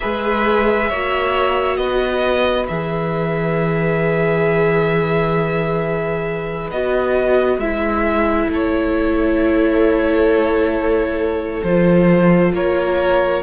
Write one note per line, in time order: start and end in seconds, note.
0.00 0.91 G#3
0.00 0.91 G#4
0.00 0.89 B4
0.00 1.76 E5
0.89 1.77 A#3
0.89 2.68 F#4
0.89 1.79 C#5
1.76 2.66 B3
1.76 8.50 B4
1.76 2.66 D#5
2.67 6.70 E3
2.67 6.71 G#4
2.67 6.70 E5
6.70 7.57 B3
6.70 7.61 F#4
6.70 7.59 D#5
7.57 8.47 G#3
7.57 11.64 E4
7.57 8.49 E5
8.48 11.61 A3
8.48 12.54 A4
8.48 11.63 C#5
11.63 12.52 F3
11.63 13.42 F4
11.63 12.52 C5
12.52 13.42 A#3
12.52 13.42 A#4
12.52 13.42 C#5